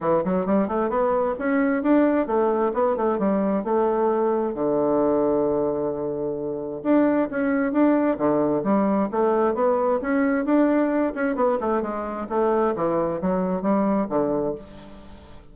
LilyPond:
\new Staff \with { instrumentName = "bassoon" } { \time 4/4 \tempo 4 = 132 e8 fis8 g8 a8 b4 cis'4 | d'4 a4 b8 a8 g4 | a2 d2~ | d2. d'4 |
cis'4 d'4 d4 g4 | a4 b4 cis'4 d'4~ | d'8 cis'8 b8 a8 gis4 a4 | e4 fis4 g4 d4 | }